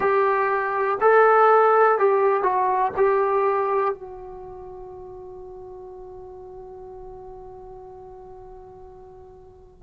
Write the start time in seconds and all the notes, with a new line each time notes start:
0.00 G4
1.01 A4
1.98 G4
2.42 F#4
2.96 G4
3.93 F#4